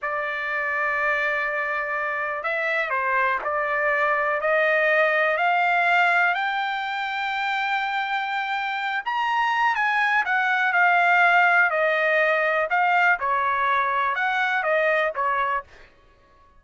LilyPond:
\new Staff \with { instrumentName = "trumpet" } { \time 4/4 \tempo 4 = 123 d''1~ | d''4 e''4 c''4 d''4~ | d''4 dis''2 f''4~ | f''4 g''2.~ |
g''2~ g''8 ais''4. | gis''4 fis''4 f''2 | dis''2 f''4 cis''4~ | cis''4 fis''4 dis''4 cis''4 | }